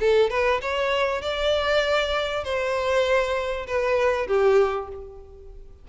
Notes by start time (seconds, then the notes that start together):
0.00 A4
0.30 B4
0.61 C#5
1.22 D5
2.44 C5
3.67 B4
4.27 G4